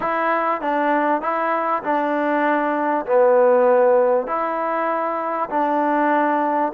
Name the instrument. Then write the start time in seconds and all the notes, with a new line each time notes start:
trombone
0.00 E4
0.61 D4
1.21 E4
1.83 D4
3.06 B3
4.26 E4
5.49 D4